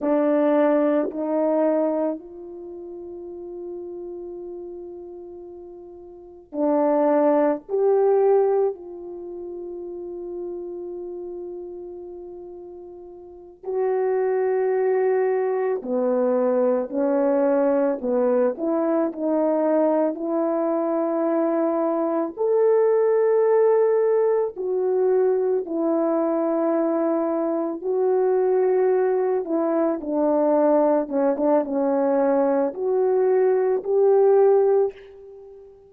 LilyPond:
\new Staff \with { instrumentName = "horn" } { \time 4/4 \tempo 4 = 55 d'4 dis'4 f'2~ | f'2 d'4 g'4 | f'1~ | f'8 fis'2 b4 cis'8~ |
cis'8 b8 e'8 dis'4 e'4.~ | e'8 a'2 fis'4 e'8~ | e'4. fis'4. e'8 d'8~ | d'8 cis'16 d'16 cis'4 fis'4 g'4 | }